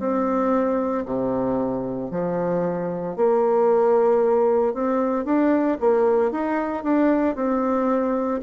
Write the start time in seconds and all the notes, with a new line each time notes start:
0.00 C4
1.06 C3
2.11 F3
3.16 A#3
4.74 C4
5.25 D4
5.81 A#3
6.32 D#4
6.84 D4
7.36 C4